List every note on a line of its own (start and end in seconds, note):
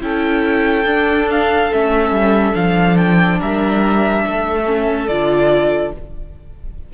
0.00 0.85 C#4
0.00 0.85 E4
0.00 3.38 A4
0.00 1.29 G5
0.85 1.69 D4
0.85 1.71 D4
1.30 1.72 F5
1.72 2.10 A3
1.72 2.53 C#4
1.72 2.55 E5
2.10 2.53 G3
2.53 3.40 F3
2.53 4.64 D4
2.53 2.97 F5
2.97 3.39 G5
3.38 4.25 G3
3.38 4.23 A#4
3.38 5.07 E5
4.23 5.09 A3
4.23 5.92 A4
4.66 5.08 C#4
5.07 5.93 D3
5.07 5.94 F4
5.07 5.92 D5